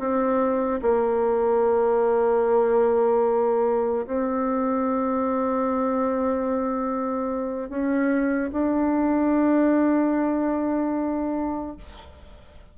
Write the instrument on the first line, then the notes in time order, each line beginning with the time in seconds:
bassoon
0.00 C4
0.82 A#3
4.07 C4
7.70 C#4
8.52 D4